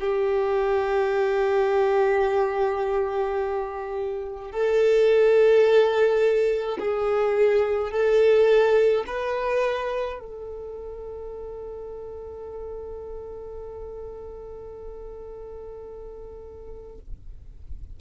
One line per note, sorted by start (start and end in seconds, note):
0.00 4.52 G4
4.52 6.78 A4
6.79 7.91 G#4
7.91 9.05 A4
9.07 10.19 B4
10.19 16.99 A4